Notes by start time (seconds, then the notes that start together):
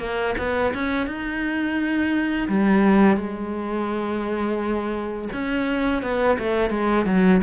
0.00 A#3
0.38 B3
0.74 C#4
1.07 D#4
2.49 G3
3.17 G#3
5.33 C#4
6.03 B3
6.39 A3
6.71 G#3
7.06 F#3